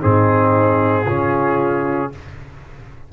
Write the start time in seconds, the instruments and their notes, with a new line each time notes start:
0.00 tuba G#2, trombone C4, horn D#4, trumpet G#4
1.04 tuba C#3, trombone C#4, horn F4